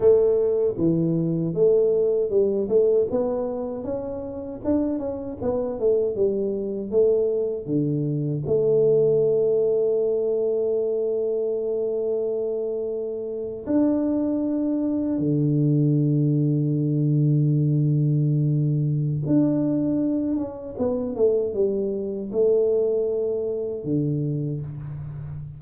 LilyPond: \new Staff \with { instrumentName = "tuba" } { \time 4/4 \tempo 4 = 78 a4 e4 a4 g8 a8 | b4 cis'4 d'8 cis'8 b8 a8 | g4 a4 d4 a4~ | a1~ |
a4.~ a16 d'2 d16~ | d1~ | d4 d'4. cis'8 b8 a8 | g4 a2 d4 | }